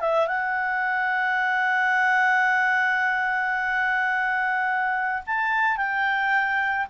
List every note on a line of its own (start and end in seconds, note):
0.00 0.28 E5
0.28 5.23 F#5
5.26 5.77 A5
5.77 6.87 G5